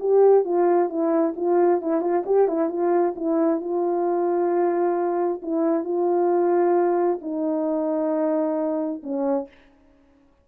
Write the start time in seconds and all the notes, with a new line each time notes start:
0.00 G4
0.45 F4
0.90 E4
1.37 F4
1.82 E4
2.01 F4
2.26 G4
2.48 E4
2.69 F4
3.16 E4
3.61 F4
5.42 E4
5.84 F4
7.22 D#4
9.03 C#4